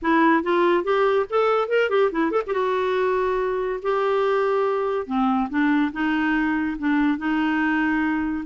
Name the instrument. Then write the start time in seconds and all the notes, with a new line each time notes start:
clarinet
0.02 E4
0.43 F4
0.83 G4
1.29 A4
1.68 A#4
1.89 G4
2.11 E4
2.31 A4
2.46 G4
2.53 F#4
3.82 G4
5.06 C4
5.49 D4
5.92 D#4
6.78 D4
7.18 D#4